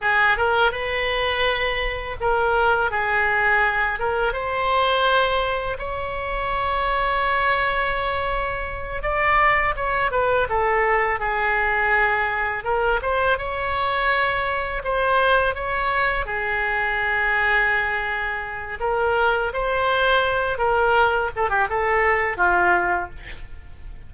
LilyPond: \new Staff \with { instrumentName = "oboe" } { \time 4/4 \tempo 4 = 83 gis'8 ais'8 b'2 ais'4 | gis'4. ais'8 c''2 | cis''1~ | cis''8 d''4 cis''8 b'8 a'4 gis'8~ |
gis'4. ais'8 c''8 cis''4.~ | cis''8 c''4 cis''4 gis'4.~ | gis'2 ais'4 c''4~ | c''8 ais'4 a'16 g'16 a'4 f'4 | }